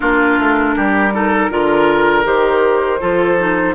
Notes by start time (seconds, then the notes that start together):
0.00 A#3 D4 F4 A#4
0.39 A3
0.75 G3 G4
1.12 D#4 A4
1.50 D3 F4 A#4
2.24 D#3 G4 C5
3.00 F3 F4 A4
3.38 D#4